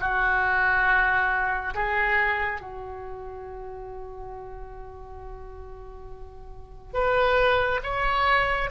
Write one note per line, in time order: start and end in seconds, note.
0.00 1.74 F#4
1.75 2.61 G#4
2.61 6.94 F#4
6.94 7.81 B4
7.83 8.70 C#5